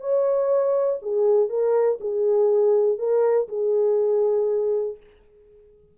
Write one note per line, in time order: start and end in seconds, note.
0.00 0.99 C#5
1.02 1.49 G#4
1.49 1.99 A#4
2.00 2.98 G#4
2.98 3.48 A#4
3.48 4.97 G#4